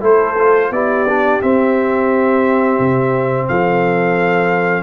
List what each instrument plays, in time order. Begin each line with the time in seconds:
0.00 tuba A3, trombone E4, horn A4, trumpet C5
0.38 trombone F4
0.70 tuba B3, trombone E4, horn G4, trumpet D5
1.08 trombone D4
1.41 trombone C4, tuba C4, trumpet E5
2.79 tuba C3
3.48 tuba F3, horn A4, trumpet F5